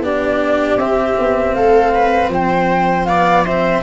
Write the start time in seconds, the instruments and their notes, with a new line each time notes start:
0.00 tuba B3, cello D4, viola G4, flute D5
0.77 tuba C4, cello C4, flute E5
1.19 tuba B3
1.54 tuba A3, viola A4, flute F5
1.95 viola B4
2.29 tuba F3, viola C5, flute G5
3.06 cello B3, viola D5, flute F5
3.45 cello C4, viola C5, flute E5